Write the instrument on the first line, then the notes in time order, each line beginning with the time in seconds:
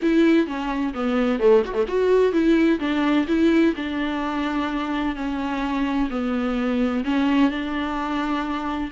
viola
0.02 E4
0.46 C#4
0.94 B3
1.39 A3
1.65 F#4
1.73 A3
1.87 F#4
2.32 E4
2.79 D4
3.27 E4
3.76 D4
5.15 C#4
6.10 B3
7.04 C#4
7.50 D4